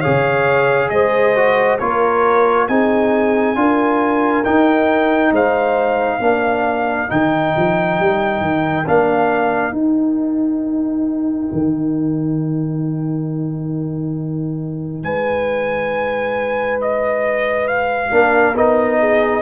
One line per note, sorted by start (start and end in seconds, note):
0.00 0.90 C#3
0.00 1.35 G#4
0.00 0.88 C#5
0.00 0.89 F5
0.89 1.79 G#3
0.89 1.80 C5
0.89 1.78 D#5
1.35 1.80 F#4
1.79 2.68 A#3
1.79 2.69 F4
1.79 2.68 A#4
1.79 2.67 C#5
2.68 3.56 C4
2.68 3.56 D#4
2.68 3.58 G#4
2.68 4.44 G#5
3.56 4.44 D4
3.56 4.44 F4
3.56 5.33 A#4
4.44 6.20 D#4
4.44 5.32 D#4
4.44 5.33 G5
5.32 6.20 G#3
5.32 6.19 C5
5.32 7.10 F5
6.19 7.08 A#3
6.19 7.08 D4
6.19 15.02 A#4
7.08 7.55 D#3
7.08 8.85 D#4
7.08 8.87 G5
7.56 7.99 F3
7.99 8.41 G3
8.41 8.85 D#3
8.86 9.72 A#3
8.86 9.72 D4
8.86 9.76 F5
9.72 11.49 D#4
9.72 18.11 D#4
9.72 15.03 G5
11.53 15.03 D#3
15.03 18.11 G#3
15.03 18.13 B4
15.03 16.80 G#5
16.81 17.67 D#5
17.67 18.56 F5
18.11 18.54 A#3
18.11 18.55 D4
18.11 19.00 A#4
18.54 19.42 B3
18.54 19.42 D#4
18.54 19.42 D#5
19.00 19.42 G#4